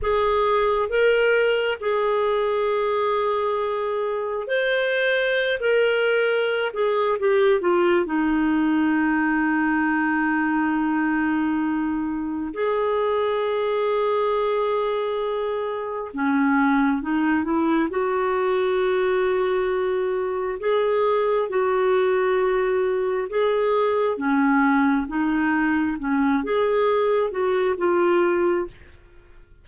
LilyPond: \new Staff \with { instrumentName = "clarinet" } { \time 4/4 \tempo 4 = 67 gis'4 ais'4 gis'2~ | gis'4 c''4~ c''16 ais'4~ ais'16 gis'8 | g'8 f'8 dis'2.~ | dis'2 gis'2~ |
gis'2 cis'4 dis'8 e'8 | fis'2. gis'4 | fis'2 gis'4 cis'4 | dis'4 cis'8 gis'4 fis'8 f'4 | }